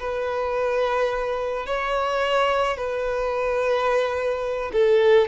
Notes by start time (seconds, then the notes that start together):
0.00 B4
1.67 C#5
2.78 B4
4.73 A4